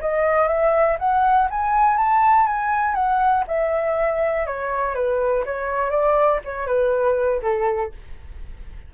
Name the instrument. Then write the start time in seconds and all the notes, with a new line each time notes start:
flute
0.00 D#5
0.48 E5
0.99 F#5
1.50 G#5
1.97 A5
2.46 G#5
2.94 F#5
3.47 E5
4.46 C#5
4.94 B4
5.45 C#5
5.90 D5
6.44 C#5
6.66 B4
7.42 A4